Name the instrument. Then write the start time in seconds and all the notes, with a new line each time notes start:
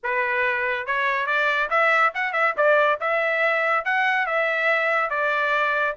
trumpet
0.03 B4
0.86 C#5
1.26 D5
1.70 E5
2.14 F#5
2.32 E5
2.56 D5
3.00 E5
3.85 F#5
4.26 E5
5.10 D5